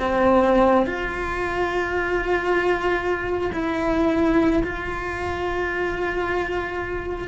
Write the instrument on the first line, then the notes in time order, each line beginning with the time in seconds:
cello
0.00 C4
0.87 F4
3.53 E4
4.64 F4